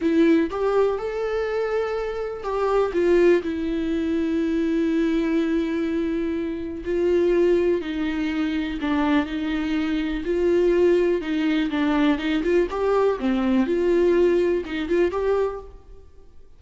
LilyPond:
\new Staff \with { instrumentName = "viola" } { \time 4/4 \tempo 4 = 123 e'4 g'4 a'2~ | a'4 g'4 f'4 e'4~ | e'1~ | e'2 f'2 |
dis'2 d'4 dis'4~ | dis'4 f'2 dis'4 | d'4 dis'8 f'8 g'4 c'4 | f'2 dis'8 f'8 g'4 | }